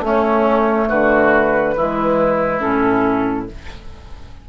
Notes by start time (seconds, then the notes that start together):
0.00 A3 C#4
0.09 C#5
0.89 D3 F#4 B4
1.76 E3 G#3 E4
2.60 A2 C#4 A4